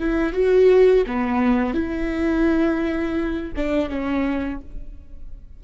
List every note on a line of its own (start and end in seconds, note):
0.00 0.33 E4
0.33 1.05 F#4
1.07 1.74 B3
1.74 3.53 E4
3.57 3.90 D4
3.90 4.61 C#4